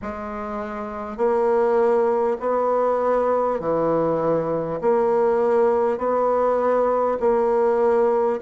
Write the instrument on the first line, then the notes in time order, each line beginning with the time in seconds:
bassoon
0.02 G#3
1.17 A#3
2.40 B3
3.59 E3
4.81 A#3
5.98 B3
7.19 A#3